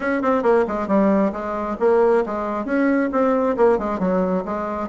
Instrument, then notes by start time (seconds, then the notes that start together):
bassoon
0.00 C#4
0.22 C4
0.43 A#3
0.67 G#3
0.87 G3
1.32 G#3
1.79 A#3
2.25 G#3
2.65 C#4
3.12 C4
3.56 A#3
3.78 G#3
3.99 F#3
4.45 G#3